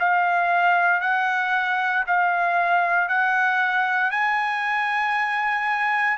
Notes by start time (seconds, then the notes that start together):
0.00 F5
1.01 F#5
2.07 F5
3.09 F#5
4.11 G#5